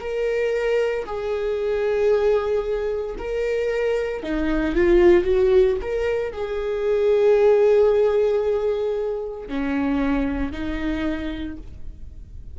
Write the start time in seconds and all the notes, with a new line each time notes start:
0.00 A#4
1.06 G#4
3.18 A#4
4.23 D#4
4.75 F4
5.24 F#4
5.81 A#4
6.33 G#4
9.48 C#4
10.52 D#4